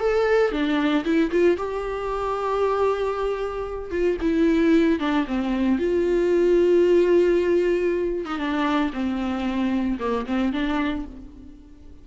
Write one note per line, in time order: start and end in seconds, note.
0.00 0.52 A4
0.52 1.05 D4
1.05 1.31 E4
1.31 1.57 F4
1.57 3.91 G4
3.91 4.17 F4
4.22 5.00 E4
5.00 5.26 D4
5.28 5.79 C4
5.79 8.26 F4
8.26 8.39 D#4
8.39 8.91 D4
8.93 9.99 C4
10.00 10.26 A#3
10.27 10.53 C4
10.53 11.06 D4